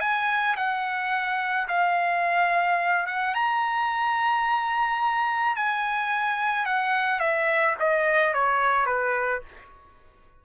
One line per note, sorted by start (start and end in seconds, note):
0.00 0.56 G#5
0.56 1.67 F#5
1.68 3.06 F5
3.06 3.34 F#5
3.34 5.56 A#5
5.56 6.65 G#5
6.65 7.19 F#5
7.19 7.75 E5
7.79 8.33 D#5
8.33 8.86 C#5
8.86 9.41 B4